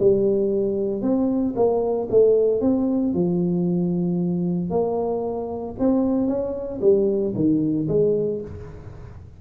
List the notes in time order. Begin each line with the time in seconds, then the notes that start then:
0.00 G3
1.02 C4
1.56 A#3
2.11 A3
2.61 C4
3.14 F3
4.71 A#3
5.79 C4
6.28 C#4
6.81 G3
7.35 D#3
7.89 G#3